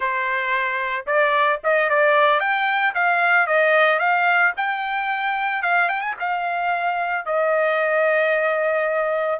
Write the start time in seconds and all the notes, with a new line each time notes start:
0.00 C5
1.06 D5
1.63 D#5
1.89 D5
2.40 G5
2.94 F5
3.47 D#5
3.99 F5
4.57 G5
5.62 F5
5.88 G5
6.00 G#5
6.19 F5
7.25 D#5